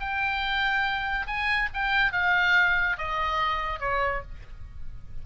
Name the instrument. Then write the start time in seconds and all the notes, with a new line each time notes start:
oboe
0.00 G5
1.27 G#5
1.74 G5
2.12 F5
2.98 D#5
3.80 C#5